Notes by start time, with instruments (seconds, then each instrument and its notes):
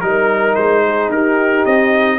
0.00 tuba G3, trombone D#4, trumpet A#4, horn A#4
0.55 tuba G#3, trumpet C5
0.85 horn G#4
1.08 tuba D#4, horn G4, trumpet A#4
1.65 tuba C4, trumpet D#5